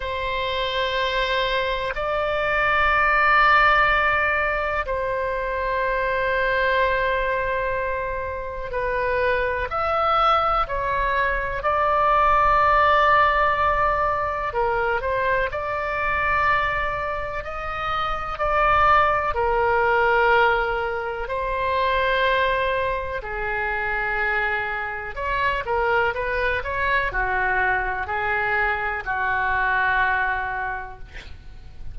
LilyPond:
\new Staff \with { instrumentName = "oboe" } { \time 4/4 \tempo 4 = 62 c''2 d''2~ | d''4 c''2.~ | c''4 b'4 e''4 cis''4 | d''2. ais'8 c''8 |
d''2 dis''4 d''4 | ais'2 c''2 | gis'2 cis''8 ais'8 b'8 cis''8 | fis'4 gis'4 fis'2 | }